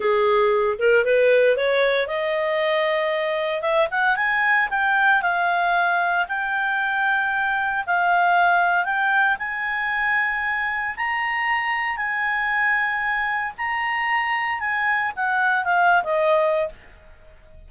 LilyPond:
\new Staff \with { instrumentName = "clarinet" } { \time 4/4 \tempo 4 = 115 gis'4. ais'8 b'4 cis''4 | dis''2. e''8 fis''8 | gis''4 g''4 f''2 | g''2. f''4~ |
f''4 g''4 gis''2~ | gis''4 ais''2 gis''4~ | gis''2 ais''2 | gis''4 fis''4 f''8. dis''4~ dis''16 | }